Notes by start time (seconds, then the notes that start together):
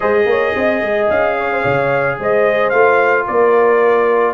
0.00 G#3 G#4 C5 D#5
0.25 A#3 C#5
0.55 C4 D#5
0.81 G#3
1.09 C#4 F5
1.37 C#5
1.52 C5
1.62 C#3 C#5
2.19 G#3 C5 D#5
2.69 A3 F4 F5
3.26 A#3 A#4 D5